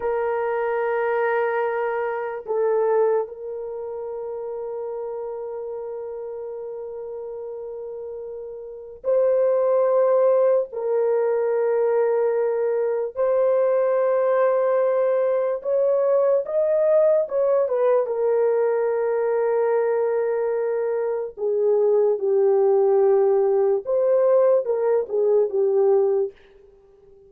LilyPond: \new Staff \with { instrumentName = "horn" } { \time 4/4 \tempo 4 = 73 ais'2. a'4 | ais'1~ | ais'2. c''4~ | c''4 ais'2. |
c''2. cis''4 | dis''4 cis''8 b'8 ais'2~ | ais'2 gis'4 g'4~ | g'4 c''4 ais'8 gis'8 g'4 | }